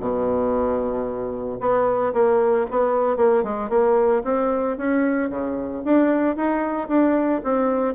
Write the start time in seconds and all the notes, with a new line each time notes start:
0.00 B2
1.60 B3
2.14 A#3
2.71 B3
3.17 A#3
3.43 G#3
3.70 A#3
4.25 C4
4.78 C#4
5.30 C#3
5.85 D4
6.36 D#4
6.88 D4
7.44 C4